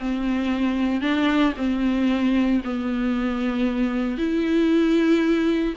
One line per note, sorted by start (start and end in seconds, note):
0.00 1.01 C4
1.01 1.53 D4
1.57 2.62 C4
2.65 4.18 B3
4.18 5.75 E4